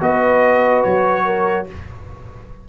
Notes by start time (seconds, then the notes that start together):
0.00 B3 F#4 B4 D#5
0.83 F#3 C#5
1.25 A#4